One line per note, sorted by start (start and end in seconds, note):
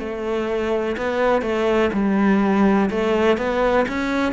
0.00 0.97 A3
0.98 1.42 B3
1.42 1.90 A3
1.93 2.90 G3
2.91 3.38 A3
3.38 3.86 B3
3.88 4.33 C#4